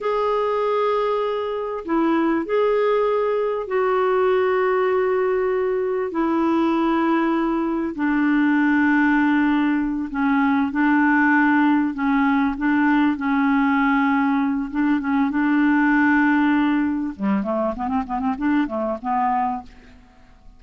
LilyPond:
\new Staff \with { instrumentName = "clarinet" } { \time 4/4 \tempo 4 = 98 gis'2. e'4 | gis'2 fis'2~ | fis'2 e'2~ | e'4 d'2.~ |
d'8 cis'4 d'2 cis'8~ | cis'8 d'4 cis'2~ cis'8 | d'8 cis'8 d'2. | g8 a8 b16 c'16 b16 c'16 d'8 a8 b4 | }